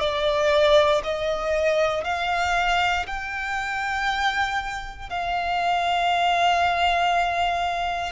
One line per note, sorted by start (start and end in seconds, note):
0.00 1.02 D5
1.04 2.04 D#5
2.04 3.06 F5
3.07 5.09 G5
5.09 8.11 F5